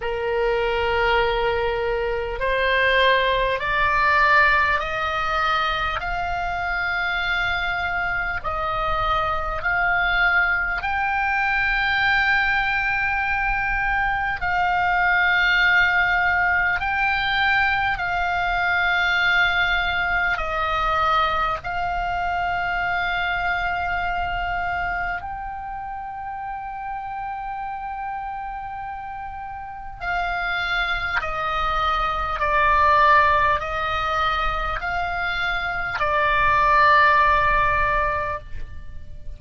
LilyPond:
\new Staff \with { instrumentName = "oboe" } { \time 4/4 \tempo 4 = 50 ais'2 c''4 d''4 | dis''4 f''2 dis''4 | f''4 g''2. | f''2 g''4 f''4~ |
f''4 dis''4 f''2~ | f''4 g''2.~ | g''4 f''4 dis''4 d''4 | dis''4 f''4 d''2 | }